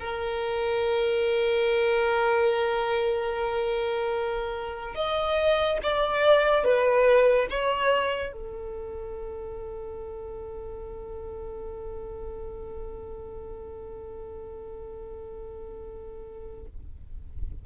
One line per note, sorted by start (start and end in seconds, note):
0.00 4.95 A#4
4.95 5.78 D#5
5.83 6.64 D5
6.64 7.47 B4
7.50 8.33 C#5
8.33 16.66 A4